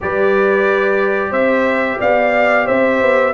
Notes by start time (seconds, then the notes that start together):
0.00 G3 G4 B4 D5
1.30 C4 C5 E5
1.99 B3 D5 F5
2.65 C4 C5 E5
3.01 B3